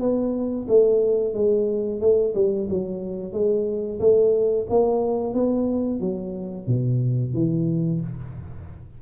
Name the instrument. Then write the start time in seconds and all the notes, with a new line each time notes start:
tuba
0.00 B3
0.68 A3
1.34 G#3
2.01 A3
2.35 G3
2.70 F#3
3.33 G#3
4.00 A3
4.70 A#3
5.34 B3
6.00 F#3
6.67 B2
7.34 E3